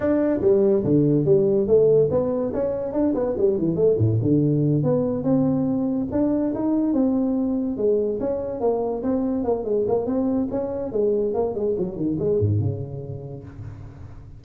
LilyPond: \new Staff \with { instrumentName = "tuba" } { \time 4/4 \tempo 4 = 143 d'4 g4 d4 g4 | a4 b4 cis'4 d'8 b8 | g8 e8 a8 a,8 d4. b8~ | b8 c'2 d'4 dis'8~ |
dis'8 c'2 gis4 cis'8~ | cis'8 ais4 c'4 ais8 gis8 ais8 | c'4 cis'4 gis4 ais8 gis8 | fis8 dis8 gis8 gis,8 cis2 | }